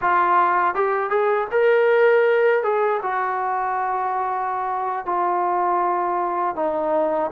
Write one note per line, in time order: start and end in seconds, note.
0.01 0.74 F4
0.74 1.10 G4
1.10 1.47 G#4
1.51 2.63 A#4
2.63 3.00 G#4
3.02 5.05 F#4
5.05 6.55 F4
6.55 7.30 D#4